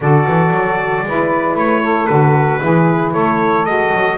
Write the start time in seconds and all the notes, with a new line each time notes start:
0.00 D3 F#4 A4 D5
0.27 E3
0.51 F#3
1.02 G#3 E4 B4
1.55 A3 C#5
1.81 A4
2.06 D3 F#4 B4
2.60 E3 E4 G#4
3.12 A3 A4 C#5
3.65 G#3 F#4 D#5
3.92 F#3